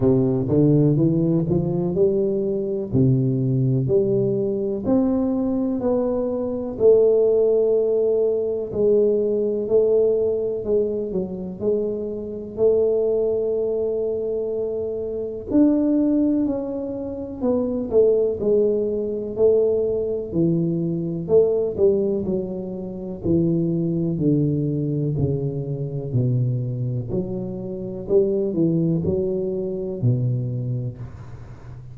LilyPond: \new Staff \with { instrumentName = "tuba" } { \time 4/4 \tempo 4 = 62 c8 d8 e8 f8 g4 c4 | g4 c'4 b4 a4~ | a4 gis4 a4 gis8 fis8 | gis4 a2. |
d'4 cis'4 b8 a8 gis4 | a4 e4 a8 g8 fis4 | e4 d4 cis4 b,4 | fis4 g8 e8 fis4 b,4 | }